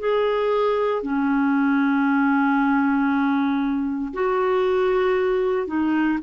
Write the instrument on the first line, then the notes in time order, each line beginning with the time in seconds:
clarinet
0.00 G#4
1.03 C#4
4.14 F#4
5.68 D#4